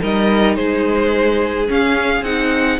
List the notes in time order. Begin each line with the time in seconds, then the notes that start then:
0.00 G3 D#4 A#4 D#5
0.55 G#3 G#4 C5
1.68 C#4 F5
2.22 C4 D#4 F#5